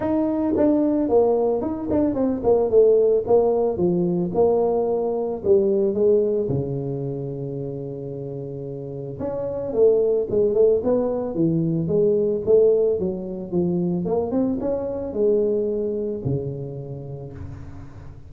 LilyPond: \new Staff \with { instrumentName = "tuba" } { \time 4/4 \tempo 4 = 111 dis'4 d'4 ais4 dis'8 d'8 | c'8 ais8 a4 ais4 f4 | ais2 g4 gis4 | cis1~ |
cis4 cis'4 a4 gis8 a8 | b4 e4 gis4 a4 | fis4 f4 ais8 c'8 cis'4 | gis2 cis2 | }